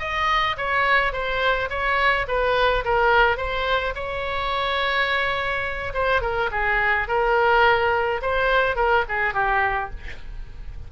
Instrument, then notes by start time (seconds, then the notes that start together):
oboe
0.00 D#5
0.58 C#5
1.13 C5
1.70 C#5
2.28 B4
2.85 A#4
3.37 C5
3.95 C#5
5.94 C5
6.22 A#4
6.52 G#4
7.08 A#4
8.22 C5
8.76 A#4
9.09 G#4
9.34 G4